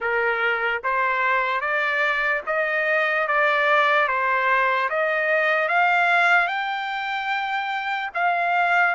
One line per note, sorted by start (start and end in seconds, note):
0.00 0.81 A#4
0.83 1.60 C5
1.60 2.41 D5
2.46 3.27 D#5
3.27 4.08 D5
4.08 4.89 C5
4.89 5.68 D#5
5.68 6.47 F5
6.47 8.09 G5
8.14 8.95 F5